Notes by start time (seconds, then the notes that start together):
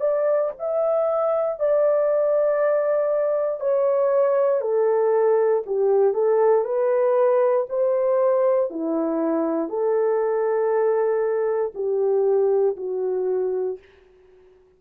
0.00 D5
0.59 E5
1.59 D5
3.60 C#5
4.61 A4
5.66 G4
6.14 A4
6.65 B4
7.69 C5
8.70 E4
9.69 A4
11.74 G4
12.77 F#4